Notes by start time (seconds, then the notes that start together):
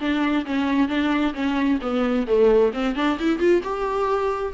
0.00 D4
0.46 C#4
0.88 D4
1.34 C#4
1.81 B3
2.27 A3
2.73 C4
2.95 D4
3.19 E4
3.39 F4
3.63 G4